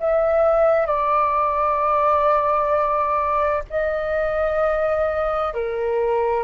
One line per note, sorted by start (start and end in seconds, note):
0.00 0.86 E5
0.86 3.63 D5
3.70 5.54 D#5
5.54 6.44 A#4